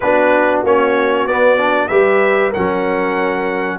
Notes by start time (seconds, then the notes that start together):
0.00 B3 D4 F#4 B4
0.63 A#3 C#4 C#5
1.25 B3 D5
1.57 D4
1.88 G3 G4 B4 E5
2.49 A#4 F#5
2.56 F#3 C#4